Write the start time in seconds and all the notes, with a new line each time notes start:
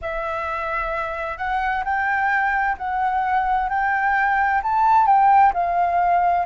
0.01 E5
1.37 F#5
1.84 G5
2.77 F#5
3.69 G5
4.62 A5
5.06 G5
5.53 F5